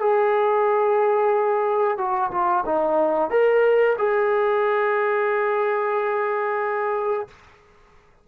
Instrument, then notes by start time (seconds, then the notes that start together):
trombone
0.00 G#4
1.98 F#4
2.31 F4
2.66 D#4
3.31 A#4
3.98 G#4